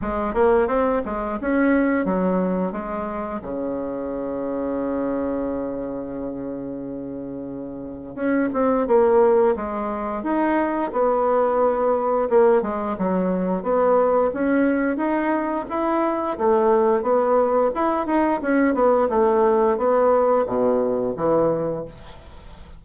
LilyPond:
\new Staff \with { instrumentName = "bassoon" } { \time 4/4 \tempo 4 = 88 gis8 ais8 c'8 gis8 cis'4 fis4 | gis4 cis2.~ | cis1 | cis'8 c'8 ais4 gis4 dis'4 |
b2 ais8 gis8 fis4 | b4 cis'4 dis'4 e'4 | a4 b4 e'8 dis'8 cis'8 b8 | a4 b4 b,4 e4 | }